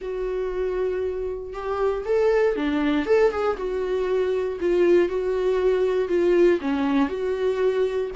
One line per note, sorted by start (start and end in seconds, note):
0.01 1.53 F#4
1.53 2.04 G4
2.05 2.55 A4
2.56 3.06 D4
3.06 3.31 A4
3.31 3.56 G#4
3.57 4.58 F#4
4.60 5.08 F4
5.08 6.08 F#4
6.08 6.59 F4
6.61 7.09 C#4
7.09 8.10 F#4